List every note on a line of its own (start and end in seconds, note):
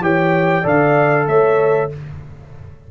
0.00 0.63 E3
0.00 0.63 G4
0.00 0.61 C#5
0.00 0.67 G5
0.61 1.27 D3
0.61 1.89 A4
0.61 1.25 D5
0.61 1.27 F5
1.27 1.91 A3
1.27 1.91 C#5
1.27 1.91 E5